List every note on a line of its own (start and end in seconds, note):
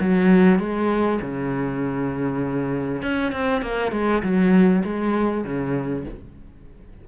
0.00 0.59 F#3
0.59 1.20 G#3
1.21 3.02 C#3
3.02 3.32 C#4
3.32 3.62 C4
3.62 3.92 A#3
3.92 4.22 G#3
4.22 4.83 F#3
4.84 5.44 G#3
5.44 6.05 C#3